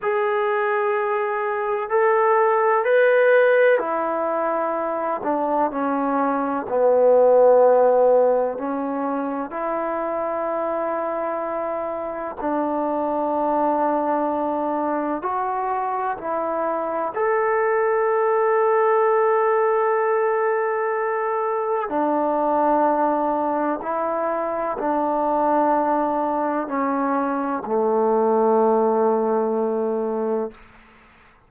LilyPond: \new Staff \with { instrumentName = "trombone" } { \time 4/4 \tempo 4 = 63 gis'2 a'4 b'4 | e'4. d'8 cis'4 b4~ | b4 cis'4 e'2~ | e'4 d'2. |
fis'4 e'4 a'2~ | a'2. d'4~ | d'4 e'4 d'2 | cis'4 a2. | }